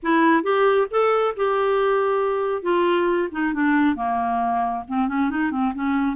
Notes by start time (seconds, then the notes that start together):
0.02 E4
0.43 G4
0.90 A4
1.36 G4
2.62 F4
3.31 D#4
3.53 D4
3.95 A#3
4.87 C4
5.07 C#4
5.29 D#4
5.51 C4
5.74 C#4